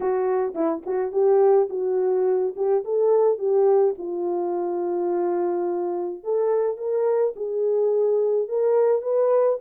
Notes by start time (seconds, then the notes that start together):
0.00 F#4
0.55 E4
0.86 F#4
1.11 G4
1.69 F#4
2.55 G4
2.84 A4
3.38 G4
3.98 F4
6.23 A4
6.77 A#4
7.36 G#4
8.48 A#4
9.02 B4